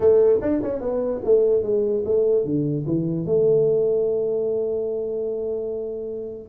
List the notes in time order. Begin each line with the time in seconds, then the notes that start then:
0.00 A3
0.41 D4
0.62 C#4
0.80 B3
1.24 A3
1.63 G#3
2.05 A3
2.44 D3
2.86 E3
3.25 A3